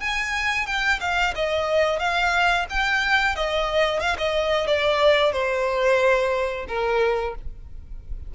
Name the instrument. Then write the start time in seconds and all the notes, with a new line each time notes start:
violin
0.00 G#5
0.66 G5
1.00 F5
1.35 D#5
1.99 F5
2.69 G5
3.35 D#5
4.00 F5
4.18 D#5
4.67 D5
5.32 C5
6.68 A#4